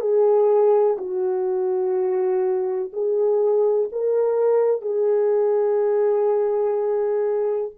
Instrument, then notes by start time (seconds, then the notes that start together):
horn
0.00 G#4
0.98 F#4
2.93 G#4
3.92 A#4
4.81 G#4